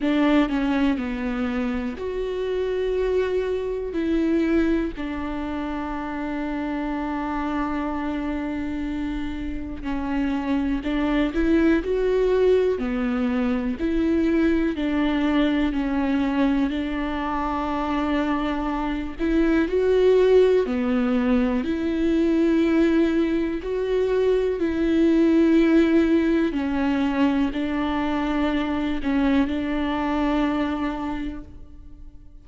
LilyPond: \new Staff \with { instrumentName = "viola" } { \time 4/4 \tempo 4 = 61 d'8 cis'8 b4 fis'2 | e'4 d'2.~ | d'2 cis'4 d'8 e'8 | fis'4 b4 e'4 d'4 |
cis'4 d'2~ d'8 e'8 | fis'4 b4 e'2 | fis'4 e'2 cis'4 | d'4. cis'8 d'2 | }